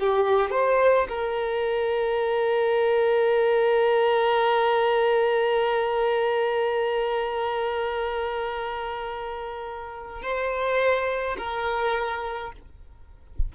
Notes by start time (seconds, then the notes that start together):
0.00 G4
0.51 C5
1.09 A#4
10.23 C5
11.38 A#4